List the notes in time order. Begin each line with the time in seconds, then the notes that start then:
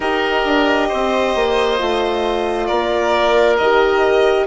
0.00 D#4 G4 A#4 D#5
0.45 D4
0.88 C4 C5
1.35 A#3
1.78 A3 F4
2.67 A#3 A#4 D5
3.57 D#3 G4 D#5